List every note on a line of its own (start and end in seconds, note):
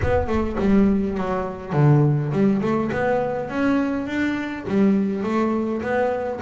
0.02 0.27 B3
0.27 0.56 A3
0.59 1.17 G3
1.17 1.73 F#3
1.73 2.31 D3
2.32 2.61 G3
2.61 2.90 A3
2.92 3.50 B3
3.50 4.07 C#4
4.07 4.65 D4
4.67 5.23 G3
5.23 5.81 A3
5.81 6.40 B3